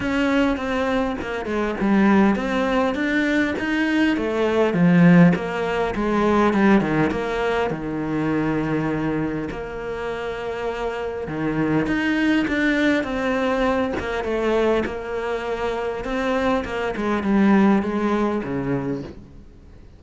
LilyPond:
\new Staff \with { instrumentName = "cello" } { \time 4/4 \tempo 4 = 101 cis'4 c'4 ais8 gis8 g4 | c'4 d'4 dis'4 a4 | f4 ais4 gis4 g8 dis8 | ais4 dis2. |
ais2. dis4 | dis'4 d'4 c'4. ais8 | a4 ais2 c'4 | ais8 gis8 g4 gis4 cis4 | }